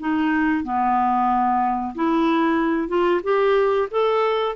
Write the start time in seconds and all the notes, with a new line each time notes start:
0.00 D#4
0.64 B3
1.95 E4
2.88 F4
3.24 G4
3.91 A4